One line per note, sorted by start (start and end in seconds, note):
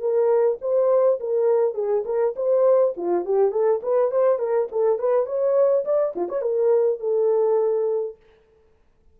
0.00 0.58 A#4
0.61 1.19 C5
1.20 1.74 A#4
1.74 2.04 G#4
2.05 2.34 A#4
2.36 2.94 C5
2.97 3.25 F4
3.25 3.52 G4
3.52 3.81 A4
3.83 4.11 B4
4.11 4.39 C5
4.39 4.68 A#4
4.72 4.99 A4
4.99 5.26 B4
5.26 5.84 C#5
5.85 6.14 D5
6.16 6.29 F4
6.29 6.42 C#5
6.42 7.00 A#4
7.00 8.16 A4